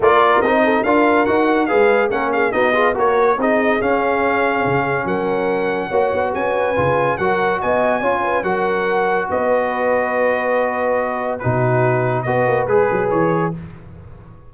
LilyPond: <<
  \new Staff \with { instrumentName = "trumpet" } { \time 4/4 \tempo 4 = 142 d''4 dis''4 f''4 fis''4 | f''4 fis''8 f''8 dis''4 cis''4 | dis''4 f''2. | fis''2. gis''4~ |
gis''4 fis''4 gis''2 | fis''2 dis''2~ | dis''2. b'4~ | b'4 dis''4 b'4 cis''4 | }
  \new Staff \with { instrumentName = "horn" } { \time 4/4 ais'4. a'8 ais'2 | b'4 ais'8 gis'8 fis'8 gis'8 ais'4 | gis'1 | ais'2 cis''4 b'4~ |
b'4 ais'4 dis''4 cis''8 b'8 | ais'2 b'2~ | b'2. fis'4~ | fis'4 b'2. | }
  \new Staff \with { instrumentName = "trombone" } { \time 4/4 f'4 dis'4 f'4 fis'4 | gis'4 cis'4 dis'8 f'8 fis'4 | dis'4 cis'2.~ | cis'2 fis'2 |
f'4 fis'2 f'4 | fis'1~ | fis'2. dis'4~ | dis'4 fis'4 gis'2 | }
  \new Staff \with { instrumentName = "tuba" } { \time 4/4 ais4 c'4 d'4 dis'4 | gis4 ais4 b4 ais4 | c'4 cis'2 cis4 | fis2 ais8 b8 cis'4 |
cis4 fis4 b4 cis'4 | fis2 b2~ | b2. b,4~ | b,4 b8 ais8 gis8 fis8 e4 | }
>>